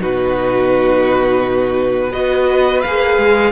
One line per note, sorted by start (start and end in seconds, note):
0.00 2.14 B2
0.00 2.12 D#4
0.00 2.10 F#4
0.00 2.13 B4
2.10 2.84 B3
2.10 2.83 F#4
2.10 3.51 B4
2.10 2.82 D#5
2.82 3.18 A#3
2.82 3.52 G#4
2.82 3.52 F5
3.18 3.52 G#3